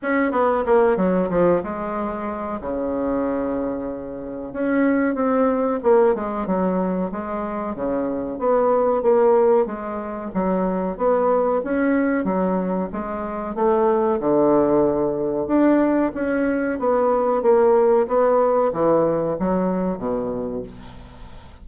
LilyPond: \new Staff \with { instrumentName = "bassoon" } { \time 4/4 \tempo 4 = 93 cis'8 b8 ais8 fis8 f8 gis4. | cis2. cis'4 | c'4 ais8 gis8 fis4 gis4 | cis4 b4 ais4 gis4 |
fis4 b4 cis'4 fis4 | gis4 a4 d2 | d'4 cis'4 b4 ais4 | b4 e4 fis4 b,4 | }